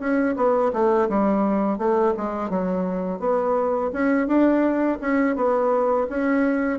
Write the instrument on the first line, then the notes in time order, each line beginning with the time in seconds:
bassoon
0.00 C#4
0.37 B3
0.73 A3
1.09 G3
1.79 A3
2.17 G#3
2.50 F#3
3.20 B3
3.93 C#4
4.28 D4
5.02 C#4
5.36 B3
6.10 C#4